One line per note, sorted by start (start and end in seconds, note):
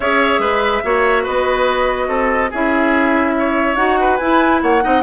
0.00 0.38 C#4
0.00 0.83 G#4
0.00 0.40 C#5
0.00 1.25 E5
0.38 0.80 G#3
0.38 0.82 B4
0.83 1.26 A#3
0.83 2.51 F#4
0.83 1.23 C#5
1.23 2.08 B3
1.23 2.07 B4
1.23 2.51 D#5
2.08 2.49 C4
2.08 2.50 A4
2.50 3.76 C#4
2.50 3.76 E4
2.50 3.34 G#4
2.50 3.75 E5
3.38 4.00 C#5
3.75 4.18 D#4
3.75 4.18 F#4
3.75 4.16 F#5
4.00 4.62 B4
4.16 4.62 E4
4.16 4.81 E4
4.16 4.58 G#5
4.62 4.83 A#3
4.62 4.83 C#5
4.62 5.03 F#5
4.81 5.03 C4
4.81 5.02 D#4
4.81 5.03 D#5